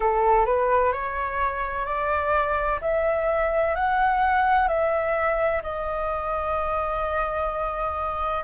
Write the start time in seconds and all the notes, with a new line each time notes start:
0.00 A4
0.45 B4
0.92 C#5
1.85 D5
2.81 E5
3.75 F#5
4.68 E5
5.62 D#5